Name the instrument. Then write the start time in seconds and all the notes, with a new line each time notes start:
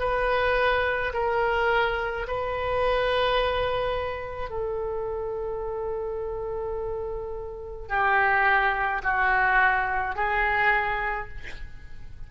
oboe
0.00 B4
1.14 A#4
2.28 B4
4.50 A4
7.89 G4
9.04 F#4
10.16 G#4